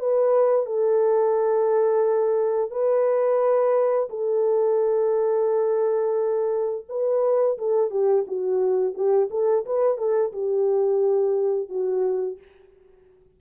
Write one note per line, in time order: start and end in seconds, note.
0.00 0.67 B4
0.67 2.71 A4
2.71 4.09 B4
4.10 6.86 A4
6.89 7.58 B4
7.59 7.91 A4
7.91 8.26 G4
8.28 8.95 F#4
8.95 9.29 G4
9.31 9.66 A4
9.66 9.98 B4
9.98 10.33 A4
10.33 11.70 G4
11.70 12.39 F#4